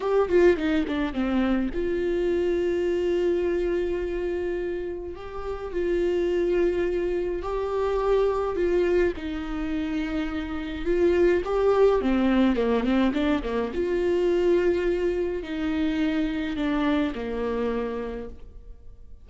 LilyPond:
\new Staff \with { instrumentName = "viola" } { \time 4/4 \tempo 4 = 105 g'8 f'8 dis'8 d'8 c'4 f'4~ | f'1~ | f'4 g'4 f'2~ | f'4 g'2 f'4 |
dis'2. f'4 | g'4 c'4 ais8 c'8 d'8 ais8 | f'2. dis'4~ | dis'4 d'4 ais2 | }